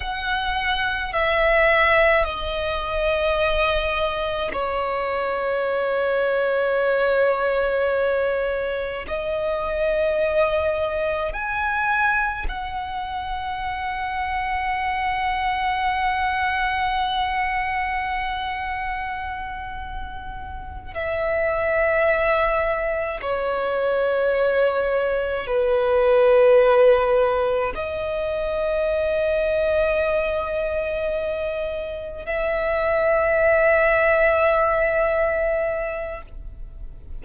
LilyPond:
\new Staff \with { instrumentName = "violin" } { \time 4/4 \tempo 4 = 53 fis''4 e''4 dis''2 | cis''1 | dis''2 gis''4 fis''4~ | fis''1~ |
fis''2~ fis''8 e''4.~ | e''8 cis''2 b'4.~ | b'8 dis''2.~ dis''8~ | dis''8 e''2.~ e''8 | }